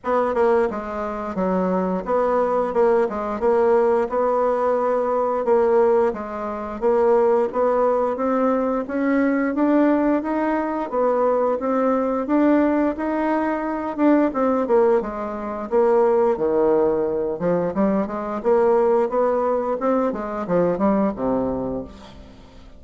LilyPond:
\new Staff \with { instrumentName = "bassoon" } { \time 4/4 \tempo 4 = 88 b8 ais8 gis4 fis4 b4 | ais8 gis8 ais4 b2 | ais4 gis4 ais4 b4 | c'4 cis'4 d'4 dis'4 |
b4 c'4 d'4 dis'4~ | dis'8 d'8 c'8 ais8 gis4 ais4 | dis4. f8 g8 gis8 ais4 | b4 c'8 gis8 f8 g8 c4 | }